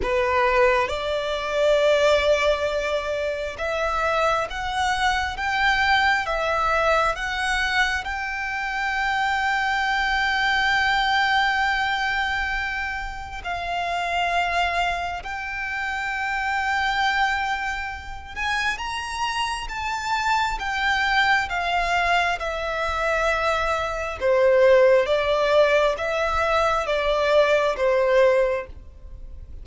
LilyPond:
\new Staff \with { instrumentName = "violin" } { \time 4/4 \tempo 4 = 67 b'4 d''2. | e''4 fis''4 g''4 e''4 | fis''4 g''2.~ | g''2. f''4~ |
f''4 g''2.~ | g''8 gis''8 ais''4 a''4 g''4 | f''4 e''2 c''4 | d''4 e''4 d''4 c''4 | }